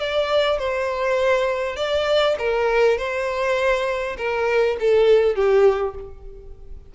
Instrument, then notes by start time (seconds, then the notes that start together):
violin
0.00 D5
0.58 C5
1.76 D5
2.38 A#4
2.98 C5
4.17 A#4
4.80 A4
5.35 G4